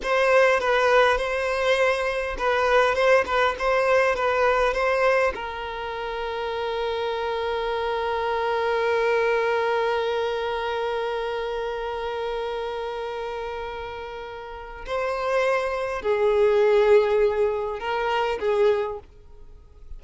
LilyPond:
\new Staff \with { instrumentName = "violin" } { \time 4/4 \tempo 4 = 101 c''4 b'4 c''2 | b'4 c''8 b'8 c''4 b'4 | c''4 ais'2.~ | ais'1~ |
ais'1~ | ais'1~ | ais'4 c''2 gis'4~ | gis'2 ais'4 gis'4 | }